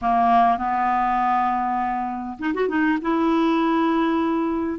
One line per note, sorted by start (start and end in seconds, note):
0.01 0.57 A#3
0.57 2.37 B3
2.38 2.53 D#4
2.54 2.68 F#4
2.68 2.98 D#4
3.01 4.79 E4